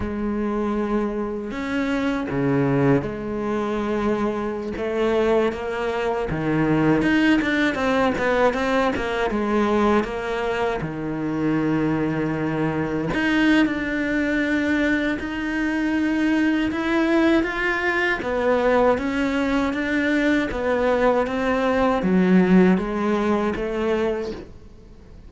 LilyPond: \new Staff \with { instrumentName = "cello" } { \time 4/4 \tempo 4 = 79 gis2 cis'4 cis4 | gis2~ gis16 a4 ais8.~ | ais16 dis4 dis'8 d'8 c'8 b8 c'8 ais16~ | ais16 gis4 ais4 dis4.~ dis16~ |
dis4~ dis16 dis'8. d'2 | dis'2 e'4 f'4 | b4 cis'4 d'4 b4 | c'4 fis4 gis4 a4 | }